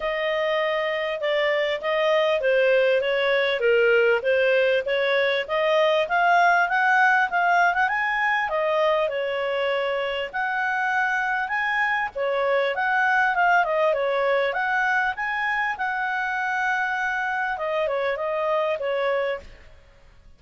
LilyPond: \new Staff \with { instrumentName = "clarinet" } { \time 4/4 \tempo 4 = 99 dis''2 d''4 dis''4 | c''4 cis''4 ais'4 c''4 | cis''4 dis''4 f''4 fis''4 | f''8. fis''16 gis''4 dis''4 cis''4~ |
cis''4 fis''2 gis''4 | cis''4 fis''4 f''8 dis''8 cis''4 | fis''4 gis''4 fis''2~ | fis''4 dis''8 cis''8 dis''4 cis''4 | }